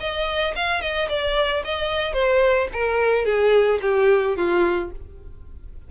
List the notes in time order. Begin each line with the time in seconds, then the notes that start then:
0.00 D#5
0.56 F5
0.81 D#5
1.09 D5
1.64 D#5
2.13 C5
2.73 A#4
3.25 G#4
3.82 G4
4.36 F4